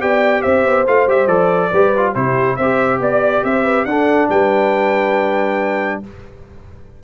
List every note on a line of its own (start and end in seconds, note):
0.00 0.44 B3
0.00 0.86 G4
0.00 0.43 D5
0.00 0.42 G5
0.42 0.65 C4
0.42 1.71 C5
0.42 0.84 E5
0.65 0.86 B3
0.87 1.07 A3
0.87 1.08 F4
0.87 1.09 F5
1.07 1.27 G3
1.07 1.28 G4
1.07 1.27 E5
1.27 1.70 F3
1.27 1.70 A4
1.27 2.13 D5
1.71 2.15 G3
1.71 1.95 G4
1.71 2.13 B4
1.97 2.15 F4
2.14 2.58 C3
2.14 2.58 E4
2.14 2.57 G4
2.14 2.56 C5
2.56 2.99 C4
2.56 3.89 G4
2.56 3.00 C5
2.56 2.99 E5
2.99 3.42 B3
2.99 3.44 D5
3.44 3.85 C4
3.44 3.63 C5
3.44 3.85 E5
3.63 3.85 B4
3.85 4.28 D4
3.85 6.03 D4
3.85 4.29 A4
3.85 4.28 F#5
4.29 6.00 G3
4.29 6.01 B4
4.29 6.01 G5